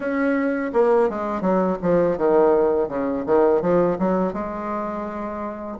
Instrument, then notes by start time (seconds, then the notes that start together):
bassoon
0.00 C#4
0.73 A#3
1.09 G#3
1.41 F#3
1.82 F3
2.17 D#3
2.88 C#3
3.25 D#3
3.61 F3
3.98 F#3
4.33 G#3